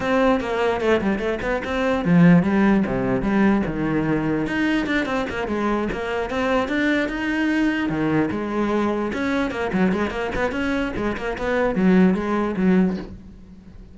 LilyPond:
\new Staff \with { instrumentName = "cello" } { \time 4/4 \tempo 4 = 148 c'4 ais4 a8 g8 a8 b8 | c'4 f4 g4 c4 | g4 dis2 dis'4 | d'8 c'8 ais8 gis4 ais4 c'8~ |
c'8 d'4 dis'2 dis8~ | dis8 gis2 cis'4 ais8 | fis8 gis8 ais8 b8 cis'4 gis8 ais8 | b4 fis4 gis4 fis4 | }